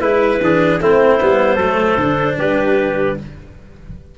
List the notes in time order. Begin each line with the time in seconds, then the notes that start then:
0.00 G#3 E4 B4
0.41 E3 D4 G#4
0.81 A3 C4 E4 C5
1.21 G3 B3
1.56 F#3 A3 A4
1.98 D3 D4
2.38 G3 G4 B4